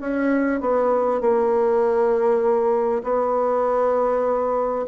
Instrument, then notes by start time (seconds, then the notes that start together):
bassoon
0.00 C#4
0.60 B3
1.21 A#3
3.03 B3